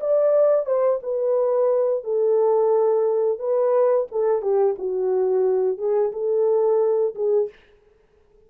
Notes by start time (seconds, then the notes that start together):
0.00 D5
0.66 C5
1.03 B4
2.04 A4
3.39 B4
4.11 A4
4.42 G4
4.78 F#4
5.78 G#4
6.12 A4
7.15 G#4